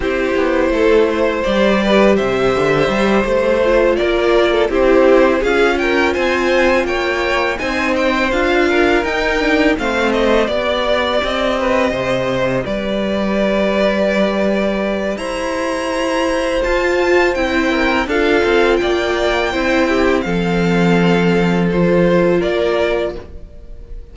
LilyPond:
<<
  \new Staff \with { instrumentName = "violin" } { \time 4/4 \tempo 4 = 83 c''2 d''4 e''4~ | e''8 c''4 d''4 c''4 f''8 | g''8 gis''4 g''4 gis''8 g''8 f''8~ | f''8 g''4 f''8 dis''8 d''4 dis''8~ |
dis''4. d''2~ d''8~ | d''4 ais''2 a''4 | g''4 f''4 g''2 | f''2 c''4 d''4 | }
  \new Staff \with { instrumentName = "violin" } { \time 4/4 g'4 a'8 c''4 b'8 c''4~ | c''4. ais'8. a'16 g'4 gis'8 | ais'8 c''4 cis''4 c''4. | ais'4. c''4 d''4. |
b'8 c''4 b'2~ b'8~ | b'4 c''2.~ | c''8 ais'8 a'4 d''4 c''8 g'8 | a'2. ais'4 | }
  \new Staff \with { instrumentName = "viola" } { \time 4/4 e'2 g'2~ | g'4 f'4. e'4 f'8~ | f'2~ f'8 dis'4 f'8~ | f'8 dis'8 d'8 c'4 g'4.~ |
g'1~ | g'2. f'4 | e'4 f'2 e'4 | c'2 f'2 | }
  \new Staff \with { instrumentName = "cello" } { \time 4/4 c'8 b8 a4 g4 c8 d8 | g8 a4 ais4 c'4 cis'8~ | cis'8 c'4 ais4 c'4 d'8~ | d'8 dis'4 a4 b4 c'8~ |
c'8 c4 g2~ g8~ | g4 e'2 f'4 | c'4 d'8 c'8 ais4 c'4 | f2. ais4 | }
>>